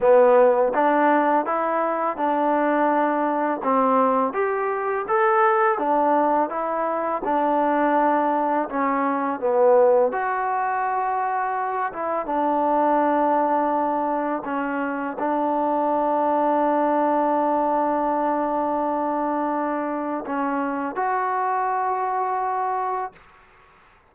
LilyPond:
\new Staff \with { instrumentName = "trombone" } { \time 4/4 \tempo 4 = 83 b4 d'4 e'4 d'4~ | d'4 c'4 g'4 a'4 | d'4 e'4 d'2 | cis'4 b4 fis'2~ |
fis'8 e'8 d'2. | cis'4 d'2.~ | d'1 | cis'4 fis'2. | }